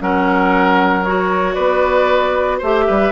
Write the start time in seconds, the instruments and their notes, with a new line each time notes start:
0.00 bassoon F#3, clarinet C#4, oboe A#4, flute F#5
1.05 clarinet F#4, flute C#5
1.55 bassoon B3, oboe B4, flute D5
2.58 bassoon A3, clarinet G4, oboe C5, flute E5
2.87 bassoon G3, oboe B4